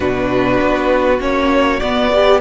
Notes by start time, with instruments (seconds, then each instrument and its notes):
0.00 cello B2, viola D4, violin F#4 B4
0.60 cello B3
1.19 cello A#3, viola C#4, violin C#5
1.79 viola B3, cello B3, violin D5
2.12 viola G4, violin B4